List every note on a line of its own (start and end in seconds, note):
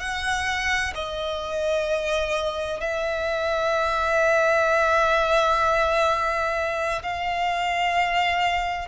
0.00 0.94 F#5
0.95 2.81 D#5
2.81 7.03 E5
7.03 8.88 F5